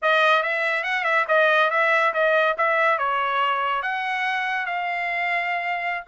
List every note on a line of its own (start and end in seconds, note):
0.01 0.43 D#5
0.43 0.83 E5
0.83 1.03 F#5
1.03 1.25 E5
1.28 1.70 D#5
1.70 2.13 E5
2.13 2.56 D#5
2.57 2.98 E5
2.98 3.82 C#5
3.82 4.66 F#5
4.66 6.04 F5